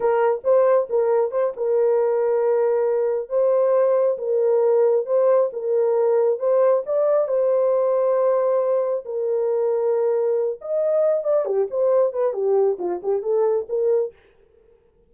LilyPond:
\new Staff \with { instrumentName = "horn" } { \time 4/4 \tempo 4 = 136 ais'4 c''4 ais'4 c''8 ais'8~ | ais'2.~ ais'8 c''8~ | c''4. ais'2 c''8~ | c''8 ais'2 c''4 d''8~ |
d''8 c''2.~ c''8~ | c''8 ais'2.~ ais'8 | dis''4. d''8 g'8 c''4 b'8 | g'4 f'8 g'8 a'4 ais'4 | }